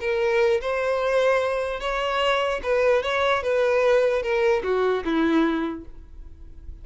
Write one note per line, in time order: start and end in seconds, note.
0.00 0.60 A#4
0.61 1.80 C5
1.80 2.60 C#5
2.63 3.03 B4
3.03 3.43 C#5
3.43 4.22 B4
4.22 4.62 A#4
4.63 5.03 F#4
5.04 5.85 E4